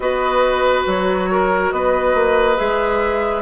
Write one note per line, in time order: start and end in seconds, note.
0.00 0.84 B3
0.00 2.56 F#4
0.00 1.30 B4
0.00 0.84 D#5
0.86 1.72 F#3
0.86 1.71 C#5
1.31 1.74 A#4
1.71 2.14 B3
1.71 3.42 B4
1.71 2.56 D#5
2.14 2.57 A#3
2.56 3.42 G#3
2.56 3.42 G#4
2.56 3.42 E5